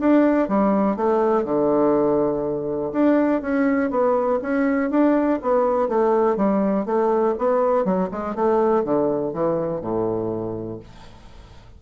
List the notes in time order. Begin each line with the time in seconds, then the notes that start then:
0.00 D4
0.49 G3
0.96 A3
1.44 D3
2.93 D4
3.41 C#4
3.91 B3
4.42 C#4
4.90 D4
5.42 B3
5.88 A3
6.36 G3
6.86 A3
7.38 B3
7.85 F#3
8.11 G#3
8.35 A3
8.84 D3
9.33 E3
9.81 A2